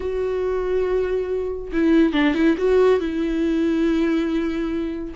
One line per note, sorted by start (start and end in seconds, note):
0.00 1.71 F#4
1.72 2.13 E4
2.13 2.34 D4
2.34 2.55 E4
2.57 2.99 F#4
2.99 5.14 E4